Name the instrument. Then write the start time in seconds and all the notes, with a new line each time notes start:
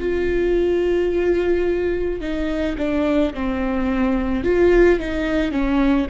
viola
0.00 F4
2.21 D#4
2.78 D4
3.34 C4
4.44 F4
4.99 D#4
5.52 C#4